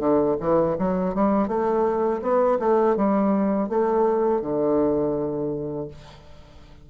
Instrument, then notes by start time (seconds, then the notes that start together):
bassoon
0.00 D3
0.41 E3
0.79 F#3
1.15 G3
1.48 A3
2.22 B3
2.60 A3
2.97 G3
3.70 A3
4.42 D3